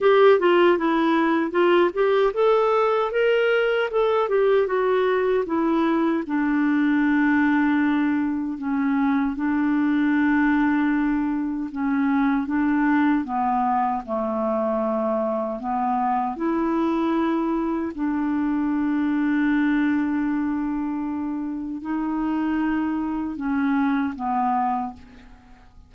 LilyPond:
\new Staff \with { instrumentName = "clarinet" } { \time 4/4 \tempo 4 = 77 g'8 f'8 e'4 f'8 g'8 a'4 | ais'4 a'8 g'8 fis'4 e'4 | d'2. cis'4 | d'2. cis'4 |
d'4 b4 a2 | b4 e'2 d'4~ | d'1 | dis'2 cis'4 b4 | }